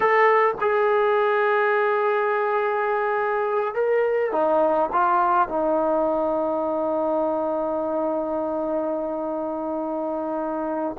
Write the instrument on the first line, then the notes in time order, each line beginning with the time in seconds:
trombone
0.00 A4
0.60 G#4
3.74 A#4
4.31 D#4
4.92 F4
5.48 D#4